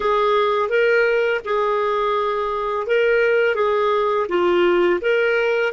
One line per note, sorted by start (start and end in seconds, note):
0.00 0.69 G#4
0.69 1.40 A#4
1.44 2.86 G#4
2.86 3.55 A#4
3.55 4.26 G#4
4.28 5.00 F4
5.01 5.72 A#4